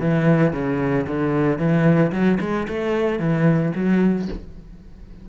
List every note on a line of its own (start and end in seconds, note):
0.00 0.53 E3
0.53 1.06 C#3
1.07 1.59 D3
1.59 2.12 E3
2.12 2.38 F#3
2.41 2.67 G#3
2.68 3.19 A3
3.19 3.72 E3
3.75 4.28 F#3